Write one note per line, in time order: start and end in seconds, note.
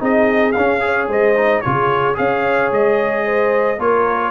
0.00 0.56 C4
0.00 0.54 D#4
0.00 0.82 G#4
0.00 0.52 D#5
0.52 1.09 C#4
0.52 0.81 C#4
0.52 1.06 F5
0.81 1.35 G#4
0.81 1.09 C#5
1.09 1.63 G#3
1.09 1.63 C5
1.09 1.62 D#5
1.37 1.64 D#4
1.62 2.19 C#3
1.62 2.15 F4
1.62 2.18 G#4
1.62 2.16 C#5
2.15 2.72 C#4
2.15 3.77 G#4
2.15 3.26 C#5
2.15 2.72 F5
2.72 3.79 G#3
2.72 3.81 D#5
3.26 3.78 C5
3.78 4.32 A#3
3.78 4.32 F4
3.78 4.32 A#4
3.78 4.32 C#5